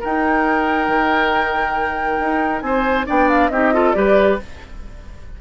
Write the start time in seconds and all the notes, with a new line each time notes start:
0.00 D#4 A#4 G5
0.88 D#3
2.20 D#4
2.60 C4 C5 G#5
3.06 B3 D4 D5 G5
3.29 F5
3.48 C4 D#4 G4 D#5
3.73 F4 A4
3.92 G3 G4 B4 D5